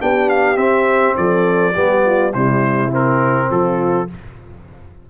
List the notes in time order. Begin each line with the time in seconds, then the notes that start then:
0.00 B3 D4 G4 G5
0.29 F5
0.57 C4 E5
1.17 F3 A4 D5
1.74 G3 B3 G4
2.06 F4
2.32 C3 G3 E4 C5
2.91 C4 A#4
3.50 F3 F4 A4